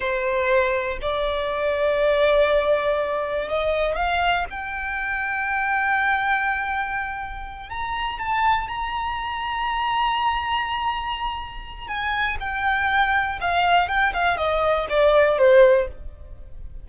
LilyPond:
\new Staff \with { instrumentName = "violin" } { \time 4/4 \tempo 4 = 121 c''2 d''2~ | d''2. dis''4 | f''4 g''2.~ | g''2.~ g''8 ais''8~ |
ais''8 a''4 ais''2~ ais''8~ | ais''1 | gis''4 g''2 f''4 | g''8 f''8 dis''4 d''4 c''4 | }